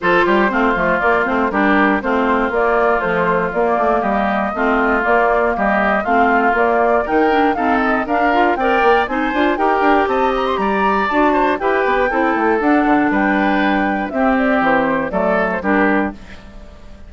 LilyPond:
<<
  \new Staff \with { instrumentName = "flute" } { \time 4/4 \tempo 4 = 119 c''2 d''8 c''8 ais'4 | c''4 d''4 c''4 d''4 | dis''2 d''4 dis''4 | f''4 d''4 g''4 f''8 dis''8 |
f''4 g''4 gis''4 g''4 | a''8 ais''16 c'''16 ais''4 a''4 g''4~ | g''4 fis''4 g''2 | e''8 d''8 c''4 d''8. c''16 ais'4 | }
  \new Staff \with { instrumentName = "oboe" } { \time 4/4 a'8 g'8 f'2 g'4 | f'1 | g'4 f'2 g'4 | f'2 ais'4 a'4 |
ais'4 d''4 c''4 ais'4 | dis''4 d''4. c''8 b'4 | a'2 b'2 | g'2 a'4 g'4 | }
  \new Staff \with { instrumentName = "clarinet" } { \time 4/4 f'4 c'8 a8 ais8 c'8 d'4 | c'4 ais4 f4 ais4~ | ais4 c'4 ais2 | c'4 ais4 dis'8 d'8 c'4 |
d'8 f'8 ais'4 dis'8 f'8 g'4~ | g'2 fis'4 g'4 | e'4 d'2. | c'2 a4 d'4 | }
  \new Staff \with { instrumentName = "bassoon" } { \time 4/4 f8 g8 a8 f8 ais8 a8 g4 | a4 ais4 a4 ais8 a8 | g4 a4 ais4 g4 | a4 ais4 dis4 dis'4 |
d'4 c'8 ais8 c'8 d'8 dis'8 d'8 | c'4 g4 d'4 e'8 b8 | c'8 a8 d'8 d8 g2 | c'4 e4 fis4 g4 | }
>>